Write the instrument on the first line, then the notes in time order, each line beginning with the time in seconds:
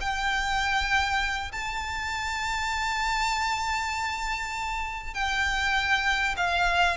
violin
0.00 G5
1.52 A5
5.14 G5
6.37 F5